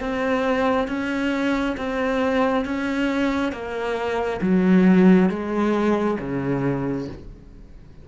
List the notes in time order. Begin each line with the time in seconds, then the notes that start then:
0.00 C4
0.88 C#4
1.77 C4
2.65 C#4
3.52 A#3
4.41 F#3
5.29 G#3
6.20 C#3